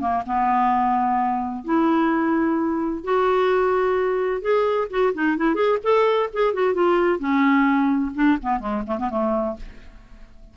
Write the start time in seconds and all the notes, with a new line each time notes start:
0.00 A#3
0.26 B3
1.65 E4
3.04 F#4
4.42 G#4
4.90 F#4
5.14 D#4
5.37 E4
5.55 G#4
5.83 A4
6.33 G#4
6.54 F#4
6.74 F4
7.19 C#4
8.15 D4
8.42 B3
8.60 G#3
8.87 A3
8.99 B3
9.10 A3